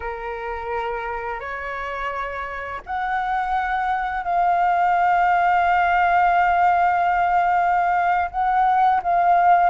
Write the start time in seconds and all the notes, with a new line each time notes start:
0.00 A#4
1.40 C#5
2.86 F#5
4.24 F5
8.30 F#5
9.02 F5